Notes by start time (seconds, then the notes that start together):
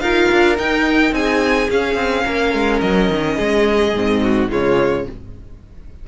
0.00 D#4 F4 A#4 F5
0.32 D4
0.57 D#4 G5
1.12 C4 G#4 G#5
1.70 C#4 F5
1.95 C4
2.25 A#3 A#4
2.54 G#3
2.80 F#3 D#5
3.10 D#3
3.36 G#3 G#4
3.94 G#2 C4
4.23 F#4
4.50 C#3 G#3 F4 C#5